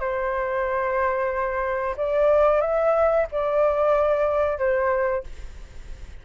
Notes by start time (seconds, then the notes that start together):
0.00 C5
1.97 D5
2.61 E5
3.31 D5
4.58 C5